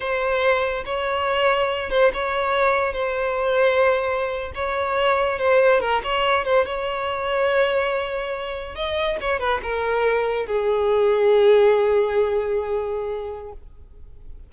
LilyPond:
\new Staff \with { instrumentName = "violin" } { \time 4/4 \tempo 4 = 142 c''2 cis''2~ | cis''8 c''8 cis''2 c''4~ | c''2~ c''8. cis''4~ cis''16~ | cis''8. c''4 ais'8 cis''4 c''8 cis''16~ |
cis''1~ | cis''8. dis''4 cis''8 b'8 ais'4~ ais'16~ | ais'8. gis'2.~ gis'16~ | gis'1 | }